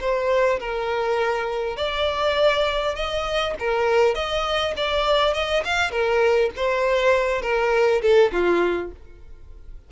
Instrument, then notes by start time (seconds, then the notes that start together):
violin
0.00 C5
0.60 A#4
1.76 D5
2.95 D#5
3.59 A#4
4.14 D#5
4.76 D5
5.34 D#5
5.65 F5
5.91 A#4
6.56 C5
7.42 A#4
8.01 A4
8.32 F4